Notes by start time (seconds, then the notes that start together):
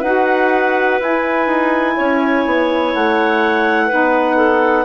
0.00 D#4 F#4 B4 F#5
0.99 E4 G#5
1.47 D#4
1.96 C#4 C#5
2.45 B3
2.94 A3 F#5
3.86 B3 D#4 B4
4.36 A4